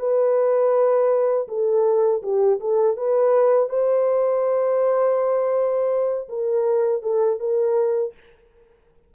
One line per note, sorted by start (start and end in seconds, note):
0.00 1.48 B4
1.48 2.23 A4
2.23 2.60 G4
2.60 2.97 A4
2.97 3.70 B4
3.70 6.29 C5
6.29 7.03 A#4
7.03 7.40 A4
7.40 8.14 A#4